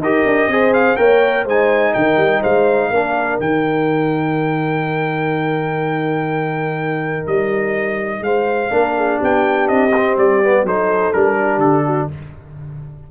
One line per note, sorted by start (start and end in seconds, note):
0.00 0.24 D#4
0.00 0.52 G4
0.00 0.51 A#4
0.00 0.74 D#5
0.26 0.48 D4
0.48 0.96 C4
0.48 0.97 G#4
0.48 0.99 C5
0.74 0.97 F5
0.97 1.46 A#3
0.97 1.46 A#4
0.97 1.45 C#5
0.97 1.45 G5
1.45 1.94 G#3
1.45 2.94 D#4
1.45 1.93 C5
1.45 1.94 G#5
1.94 2.17 D#3
1.94 2.41 A#4
1.94 2.42 G5
2.17 2.41 G3
2.41 2.90 G#3
2.41 2.89 C5
2.41 3.40 F5
2.90 3.39 A#3
2.90 3.42 D4
2.90 8.25 A#4
3.40 7.27 D#3
3.40 8.70 D#4
3.40 7.27 G5
7.27 8.21 G3
7.27 8.23 D#5
8.21 8.70 G#3
8.21 8.73 C5
8.21 9.20 F5
8.70 9.20 A#3
8.70 9.91 D4
8.70 8.98 A#4
8.98 9.18 G#4
9.18 9.70 B3
9.18 10.63 G4
9.24 9.68 G5
9.68 10.17 C4
9.68 10.17 D#5
9.97 10.44 C4
10.17 10.64 G3
10.17 10.67 D5
10.44 10.67 B3
10.64 11.12 F#3
10.64 11.15 D#4
10.64 11.38 A4
10.64 11.13 C5
11.13 11.58 G3
11.13 12.11 D4
11.13 11.60 A#4
11.41 11.86 G4
11.58 12.06 D3
11.58 12.09 A4
11.86 12.10 F#4